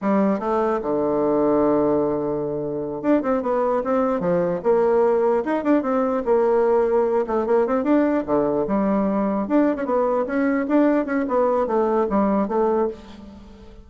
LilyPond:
\new Staff \with { instrumentName = "bassoon" } { \time 4/4 \tempo 4 = 149 g4 a4 d2~ | d2.~ d8 d'8 | c'8 b4 c'4 f4 ais8~ | ais4. dis'8 d'8 c'4 ais8~ |
ais2 a8 ais8 c'8 d'8~ | d'8 d4 g2 d'8~ | d'16 cis'16 b4 cis'4 d'4 cis'8 | b4 a4 g4 a4 | }